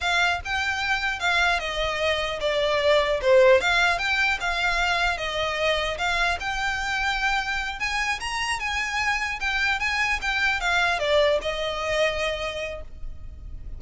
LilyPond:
\new Staff \with { instrumentName = "violin" } { \time 4/4 \tempo 4 = 150 f''4 g''2 f''4 | dis''2 d''2 | c''4 f''4 g''4 f''4~ | f''4 dis''2 f''4 |
g''2.~ g''8 gis''8~ | gis''8 ais''4 gis''2 g''8~ | g''8 gis''4 g''4 f''4 d''8~ | d''8 dis''2.~ dis''8 | }